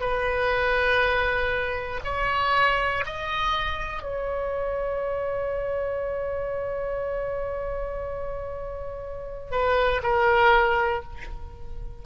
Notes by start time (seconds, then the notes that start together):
0.00 B4
2.04 C#5
3.05 D#5
4.03 C#5
9.51 B4
10.03 A#4